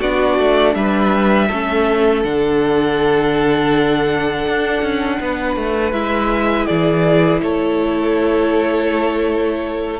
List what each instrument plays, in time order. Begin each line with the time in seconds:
0.00 cello B3, viola D4, violin F#4 D5
0.38 cello A3
0.74 cello G3, violin B4 E5
1.48 cello A3, viola C#4, violin A4
2.24 cello D3, viola D4, violin F#5
4.47 cello D4
4.82 cello C#4
5.20 cello B3, violin B4
5.56 cello A3
5.92 cello G#3, viola E4, violin E5
6.66 cello E3, violin G#4 D5
7.41 cello A3, violin A4 C#5